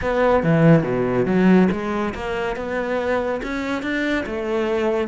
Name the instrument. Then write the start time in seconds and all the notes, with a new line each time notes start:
cello
0.01 B3
0.43 E3
0.83 B2
1.25 F#3
1.71 G#3
2.14 A#3
2.56 B3
3.43 C#4
3.82 D4
4.26 A3